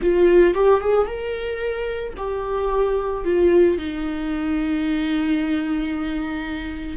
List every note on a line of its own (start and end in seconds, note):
0.01 0.54 F4
0.54 0.80 G4
0.80 1.06 G#4
1.06 2.13 A#4
2.17 3.24 G4
3.24 3.78 F4
3.78 6.97 D#4